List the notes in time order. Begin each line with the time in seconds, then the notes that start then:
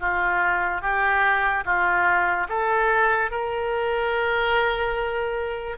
0.00 F4
0.82 G4
1.65 F4
2.49 A4
3.31 A#4